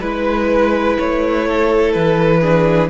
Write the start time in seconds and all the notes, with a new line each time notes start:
0.00 G#3 E4 B4
0.98 A3 C#5
1.48 A4
1.92 E3 B4
2.41 D4 G#4